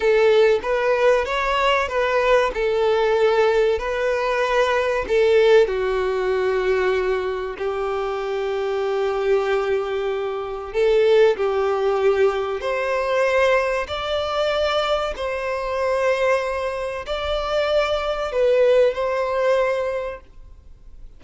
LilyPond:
\new Staff \with { instrumentName = "violin" } { \time 4/4 \tempo 4 = 95 a'4 b'4 cis''4 b'4 | a'2 b'2 | a'4 fis'2. | g'1~ |
g'4 a'4 g'2 | c''2 d''2 | c''2. d''4~ | d''4 b'4 c''2 | }